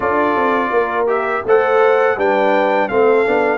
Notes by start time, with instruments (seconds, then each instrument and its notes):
0.00 tuba D4, trombone F4, horn A4, trumpet D5
0.36 tuba C4
0.70 tuba A#3, horn A#4
1.07 trombone G4, trumpet E5
1.44 tuba A3, trombone A4, horn C5, trumpet F#5
2.16 tuba G3, trombone D4, horn B4, trumpet G5
2.88 tuba A3, trombone C4, horn A4, trumpet F5
3.25 tuba B3, trombone D4